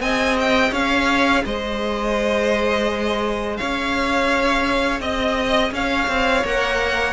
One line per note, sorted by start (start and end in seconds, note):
0.00 0.71 C4
0.00 6.45 G#4
0.00 0.72 D#5
0.00 0.37 G#5
0.40 0.74 G5
0.72 1.44 C#4
0.72 1.43 C#5
0.72 1.45 F5
1.45 3.60 G#3
1.45 3.60 C5
1.45 3.57 D#5
3.57 5.00 C#4
3.57 5.02 C#5
3.57 5.00 F5
5.00 5.71 C4
5.00 5.73 D#5
5.72 6.08 C#4
5.72 7.13 C#5
5.72 6.46 F5
6.08 6.44 C4
6.45 7.13 A#3
6.45 7.13 A#4
6.45 7.13 F#5